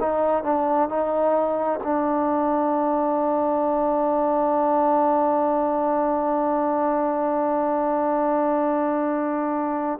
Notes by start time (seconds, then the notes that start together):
0.00 D#4
0.44 D4
0.89 D#4
1.83 D4